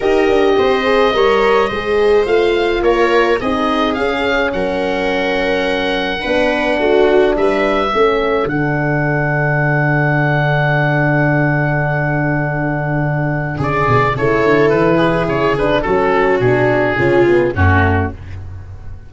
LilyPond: <<
  \new Staff \with { instrumentName = "oboe" } { \time 4/4 \tempo 4 = 106 dis''1 | f''4 cis''4 dis''4 f''4 | fis''1~ | fis''4 e''2 fis''4~ |
fis''1~ | fis''1 | d''4 cis''4 b'4 cis''8 b'8 | a'4 gis'2 fis'4 | }
  \new Staff \with { instrumentName = "viola" } { \time 4/4 ais'4 c''4 cis''4 c''4~ | c''4 ais'4 gis'2 | ais'2. b'4 | fis'4 b'4 a'2~ |
a'1~ | a'1 | gis'4 a'4. gis'4. | fis'2 f'4 cis'4 | }
  \new Staff \with { instrumentName = "horn" } { \time 4/4 g'4. gis'8 ais'4 gis'4 | f'2 dis'4 cis'4~ | cis'2. d'4~ | d'2 cis'4 d'4~ |
d'1~ | d'1~ | d'4 e'2~ e'8 d'8 | cis'4 d'4 cis'8 b8 a4 | }
  \new Staff \with { instrumentName = "tuba" } { \time 4/4 dis'8 d'8 c'4 g4 gis4 | a4 ais4 c'4 cis'4 | fis2. b4 | a4 g4 a4 d4~ |
d1~ | d1 | cis8 b,8 cis8 d8 e4 cis4 | fis4 b,4 cis4 fis,4 | }
>>